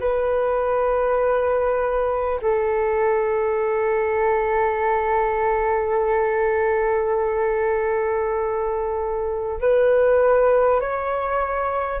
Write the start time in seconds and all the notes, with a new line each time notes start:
0.00 B4
2.41 A4
9.61 B4
10.80 C#5